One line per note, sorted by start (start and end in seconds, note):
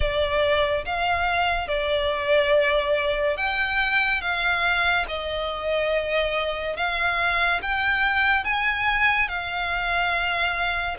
0.00 0.85 D5
0.85 1.68 F5
1.68 3.36 D5
3.36 4.21 G5
4.21 5.05 F5
5.08 6.76 D#5
6.76 7.61 F5
7.62 8.44 G5
8.44 9.28 G#5
9.28 10.97 F5